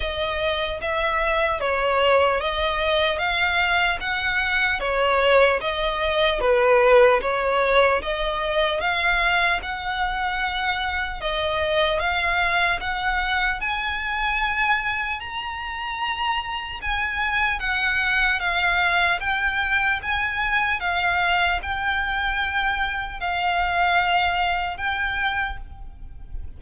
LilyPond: \new Staff \with { instrumentName = "violin" } { \time 4/4 \tempo 4 = 75 dis''4 e''4 cis''4 dis''4 | f''4 fis''4 cis''4 dis''4 | b'4 cis''4 dis''4 f''4 | fis''2 dis''4 f''4 |
fis''4 gis''2 ais''4~ | ais''4 gis''4 fis''4 f''4 | g''4 gis''4 f''4 g''4~ | g''4 f''2 g''4 | }